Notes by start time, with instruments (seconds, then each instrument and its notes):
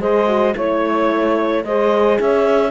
0.00 cello G#3, horn G#4, saxophone C5, clarinet D#5
0.27 horn F#4
0.55 cello A3, horn E4, saxophone C#5, clarinet C#5
1.64 cello G#3, horn G#4, saxophone C5, clarinet D#5
2.20 cello C#4, saxophone C#5, clarinet E5